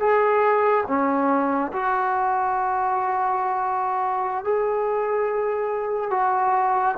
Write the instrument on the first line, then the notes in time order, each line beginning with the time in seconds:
trombone
0.00 G#4
0.88 C#4
1.73 F#4
4.44 G#4
6.11 F#4